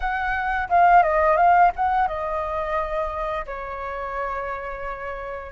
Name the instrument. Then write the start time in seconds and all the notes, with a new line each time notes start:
flute
0.00 F#5
0.69 F5
1.02 D#5
1.36 F5
1.76 F#5
2.07 D#5
3.45 C#5